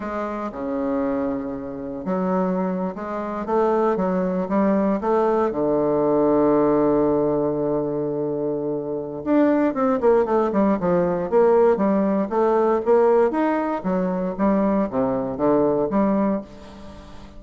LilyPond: \new Staff \with { instrumentName = "bassoon" } { \time 4/4 \tempo 4 = 117 gis4 cis2. | fis4.~ fis16 gis4 a4 fis16~ | fis8. g4 a4 d4~ d16~ | d1~ |
d2 d'4 c'8 ais8 | a8 g8 f4 ais4 g4 | a4 ais4 dis'4 fis4 | g4 c4 d4 g4 | }